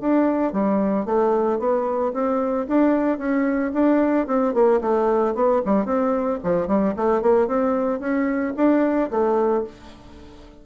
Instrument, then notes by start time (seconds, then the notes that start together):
bassoon
0.00 D4
0.52 G3
1.05 A3
1.59 B3
2.13 C4
2.68 D4
3.18 C#4
3.73 D4
4.27 C4
4.54 A#3
4.81 A3
5.35 B3
5.65 G3
5.85 C4
6.43 F3
6.67 G3
6.96 A3
7.22 A#3
7.47 C4
8.00 C#4
8.57 D4
9.10 A3